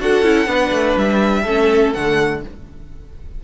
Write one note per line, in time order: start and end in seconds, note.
0.00 0.23 D4
0.00 0.24 F#4
0.00 0.49 A4
0.00 0.98 F#5
0.23 0.47 C#4
0.23 0.46 E4
0.46 0.71 B3
0.46 1.43 D4
0.46 1.42 B4
0.71 0.96 A3
0.97 1.45 G3
0.97 1.93 E5
1.42 1.93 A3
1.42 1.95 C#4
1.42 2.39 A4
1.93 2.44 D3
1.93 2.44 A3
1.93 2.42 F#5